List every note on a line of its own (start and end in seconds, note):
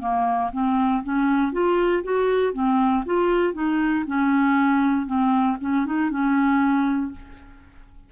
0.00 0.51 A#3
0.53 1.04 C4
1.04 1.53 C#4
1.53 2.03 F4
2.03 2.53 F#4
2.53 3.04 C4
3.06 3.54 F4
3.54 4.04 D#4
4.07 5.07 C#4
5.07 5.57 C4
5.61 5.86 C#4
5.86 6.10 D#4
6.10 7.12 C#4